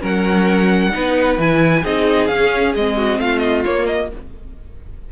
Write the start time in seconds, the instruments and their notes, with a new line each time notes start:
0.00 cello F#3, viola C#4, violin A#4 F#5
0.91 cello B3, viola D#4, violin B4
1.37 cello E3, viola E4, violin G#5
1.83 cello C4, viola D#4, violin G#4 D#5
2.27 cello C#4, viola C#4, violin F5
2.75 cello G#3, viola C4, violin D#5
2.96 violin F#4
3.19 cello A3, violin F4 F5
3.38 violin D#5
3.65 viola A#3, cello A#3, violin C#5
3.87 violin D#5